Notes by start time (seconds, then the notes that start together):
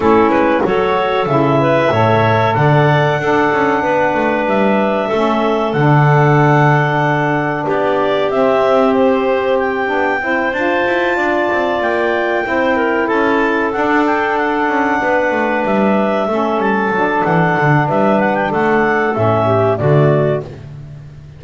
0.00 A3 C#4 E4 A4
0.28 G#3 B4
0.62 F#3 F#4 A4 C#5
1.26 C#3 E4 E5
1.60 B4
1.90 A2 A4 C#5
2.54 D3 D5 F#5
3.18 D4 A4
3.52 C#4
3.82 B3 B4
4.14 A3
4.45 G3 E5
5.07 A3 C#4 A4
5.72 D3 D4 F#5
7.65 B3 G4 D5
8.30 C4 E5
8.94 C5
9.59 G5
9.86 B3 D4
10.20 C4 E4 C5
10.52 D4 F4 A5
10.86 E4
11.16 D4 D5
11.52 C4
11.80 A#3 G5
12.43 C4 E4 C5
12.76 A#4
13.07 C#4 A4 A5
13.72 D4 F#5
14.05 G5
14.37 F#5
14.68 C#4
15.00 B3 B4
15.31 A3
15.64 G3 E5
16.28 A3 C#4 A4
16.57 G3 A5
16.90 F#3 D4
17.24 E3 F#5
17.58 D3
17.87 G3 B4 E5
18.19 F#5
18.34 G5
18.50 A3 A4 F#5
19.13 A2 C#4 E5
19.45 G4
19.76 D3 A3 F#4 D5